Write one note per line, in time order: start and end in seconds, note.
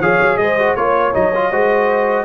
0.00 0.19 F3
0.00 0.58 G#4
0.00 0.39 C#5
0.00 0.38 F5
0.21 0.37 F#3
0.37 0.75 G#3
0.37 0.78 C5
0.37 0.75 D#5
0.59 0.77 F#4
0.76 1.14 A#3
0.76 1.13 F4
0.76 1.13 C#5
0.76 1.51 C#5
1.13 1.52 F#3
1.13 1.32 D#4
1.13 2.25 D#5
1.35 1.52 F4
1.51 2.25 G#3
1.51 2.25 F#4
1.51 2.25 C5